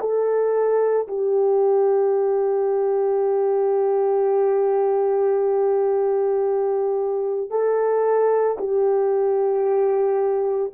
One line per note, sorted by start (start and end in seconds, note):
0.00 1.07 A4
1.08 7.50 G4
7.50 8.57 A4
8.58 10.72 G4